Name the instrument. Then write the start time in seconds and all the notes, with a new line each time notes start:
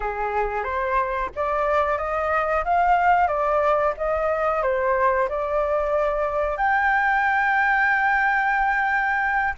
flute
0.00 G#4
0.63 C5
1.35 D5
1.98 D#5
2.64 F5
3.27 D5
3.97 D#5
4.62 C5
5.28 D5
6.57 G5